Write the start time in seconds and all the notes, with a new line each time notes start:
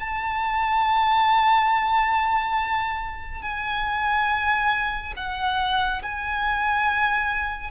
0.00 A5
3.42 G#5
5.17 F#5
6.02 G#5